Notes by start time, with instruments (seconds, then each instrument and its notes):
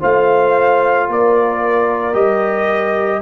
0.00 tuba A3, trombone F4, horn C5, trumpet F5
1.08 tuba A#3, horn A#4, trumpet D5
2.13 tuba G3, trombone G4, trumpet D#5